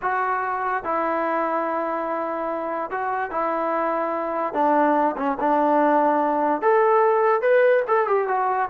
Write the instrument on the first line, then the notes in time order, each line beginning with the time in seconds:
trombone
0.02 F#4
0.84 E4
2.90 F#4
3.30 E4
4.53 D4
5.16 C#4
5.39 D4
6.61 A4
7.41 B4
7.87 A4
8.07 G4
8.27 F#4